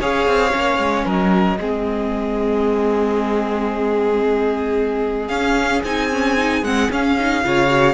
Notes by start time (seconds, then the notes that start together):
0.00 C#4 G#4 C#5 F5
0.27 C4
0.51 A#3 C#4
0.78 G#3
1.06 F#3 A#4 D#5
1.58 G#3 C4 G#4
5.28 C#4 F5
5.84 C4 D#4 G#5
6.12 C#4
6.38 D#4
6.62 G#3 C4 F#5
6.91 C#4 F5
7.20 D#4
7.44 C#3 F4 C#5
7.68 F#4